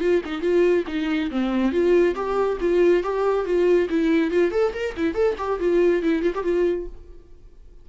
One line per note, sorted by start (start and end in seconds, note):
0.00 0.21 F4
0.25 0.41 D#4
0.41 0.84 F4
0.87 1.30 D#4
1.30 1.71 C4
1.71 2.14 F4
2.15 2.58 G4
2.60 3.03 F4
3.03 3.45 G4
3.45 3.87 F4
3.89 4.30 E4
4.30 4.51 F4
4.51 4.72 A4
4.73 4.94 A#4
4.97 5.14 E4
5.14 5.35 A4
5.38 5.59 G4
5.59 6.02 F4
6.02 6.22 E4
6.22 6.33 F4
6.34 6.43 G4
6.43 6.86 F4